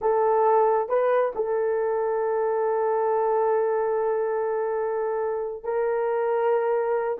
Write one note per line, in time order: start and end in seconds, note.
0.01 0.88 A4
0.88 1.32 B4
1.35 5.63 A4
5.63 7.18 A#4